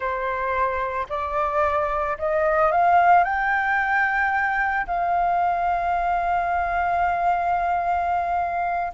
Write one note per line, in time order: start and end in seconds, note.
0.00 1.06 C5
1.09 2.17 D5
2.18 2.71 D#5
2.71 3.24 F5
3.24 4.86 G5
4.86 8.92 F5